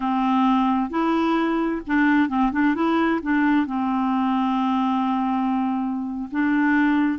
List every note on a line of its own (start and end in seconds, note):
0.00 0.90 C4
0.90 1.81 E4
1.86 2.28 D4
2.28 2.51 C4
2.52 2.74 D4
2.74 3.20 E4
3.22 3.66 D4
3.66 6.29 C4
6.31 7.18 D4